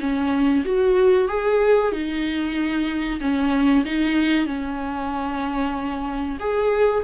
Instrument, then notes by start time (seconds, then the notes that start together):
viola
0.00 C#4
0.65 F#4
1.28 G#4
1.92 D#4
3.21 C#4
3.85 D#4
4.46 C#4
6.39 G#4